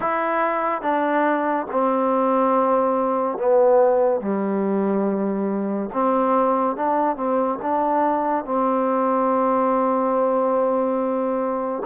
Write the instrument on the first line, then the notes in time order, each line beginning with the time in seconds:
trombone
0.00 E4
0.81 D4
1.71 C4
3.38 B3
4.21 G3
5.93 C4
6.76 D4
7.16 C4
7.62 D4
8.45 C4